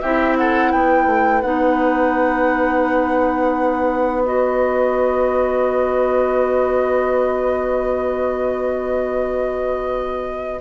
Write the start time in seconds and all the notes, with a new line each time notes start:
0.00 C4 E4 G4 E5
0.37 A4 F#5
0.71 B3 B4 G5
1.06 A3
1.41 B3 D#4 F#5
4.24 F#4 D#5